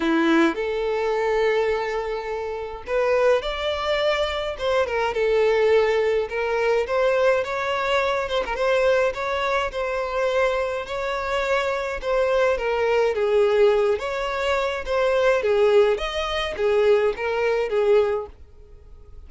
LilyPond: \new Staff \with { instrumentName = "violin" } { \time 4/4 \tempo 4 = 105 e'4 a'2.~ | a'4 b'4 d''2 | c''8 ais'8 a'2 ais'4 | c''4 cis''4. c''16 ais'16 c''4 |
cis''4 c''2 cis''4~ | cis''4 c''4 ais'4 gis'4~ | gis'8 cis''4. c''4 gis'4 | dis''4 gis'4 ais'4 gis'4 | }